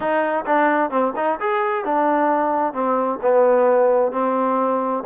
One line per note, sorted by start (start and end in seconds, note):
0.00 0.44 D#4
0.45 0.90 D4
0.90 1.13 C4
1.16 1.39 D#4
1.40 1.84 G#4
1.84 2.73 D4
2.73 3.19 C4
3.22 4.11 B3
4.11 5.03 C4